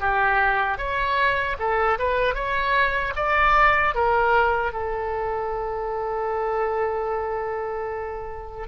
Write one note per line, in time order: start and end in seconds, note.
0.00 0.78 G4
0.78 1.56 C#5
1.59 1.98 A4
1.98 2.34 B4
2.34 3.13 C#5
3.15 3.94 D5
3.94 4.73 A#4
4.73 8.67 A4